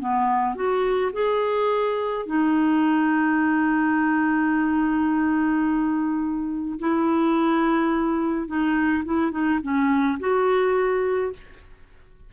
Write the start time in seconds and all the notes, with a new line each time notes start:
0.00 B3
0.56 F#4
1.13 G#4
2.26 D#4
6.80 E4
8.48 D#4
9.05 E4
9.31 D#4
9.63 C#4
10.20 F#4